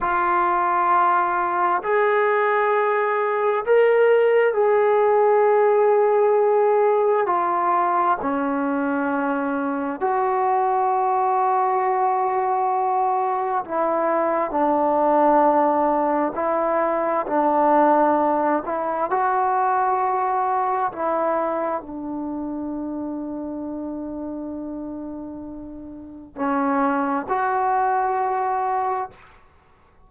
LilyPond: \new Staff \with { instrumentName = "trombone" } { \time 4/4 \tempo 4 = 66 f'2 gis'2 | ais'4 gis'2. | f'4 cis'2 fis'4~ | fis'2. e'4 |
d'2 e'4 d'4~ | d'8 e'8 fis'2 e'4 | d'1~ | d'4 cis'4 fis'2 | }